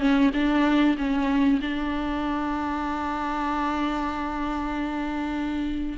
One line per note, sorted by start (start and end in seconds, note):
0.00 0.31 C#4
0.34 0.97 D4
0.98 1.61 C#4
1.62 5.98 D4